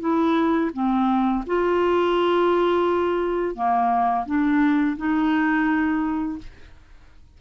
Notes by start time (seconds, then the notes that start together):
0.00 E4
0.73 C4
1.46 F4
3.55 A#3
4.26 D4
4.97 D#4